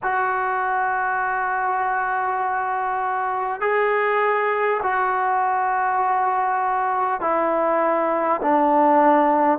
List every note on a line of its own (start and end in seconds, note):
0.03 3.61 F#4
3.61 4.81 G#4
4.82 7.20 F#4
7.20 8.40 E4
8.42 9.58 D4